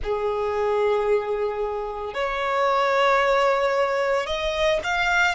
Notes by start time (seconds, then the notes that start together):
0.03 G#4
2.14 C#5
4.26 D#5
4.83 F5